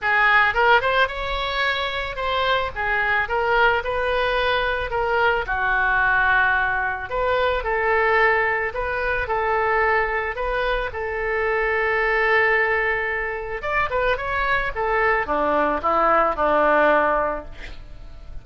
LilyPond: \new Staff \with { instrumentName = "oboe" } { \time 4/4 \tempo 4 = 110 gis'4 ais'8 c''8 cis''2 | c''4 gis'4 ais'4 b'4~ | b'4 ais'4 fis'2~ | fis'4 b'4 a'2 |
b'4 a'2 b'4 | a'1~ | a'4 d''8 b'8 cis''4 a'4 | d'4 e'4 d'2 | }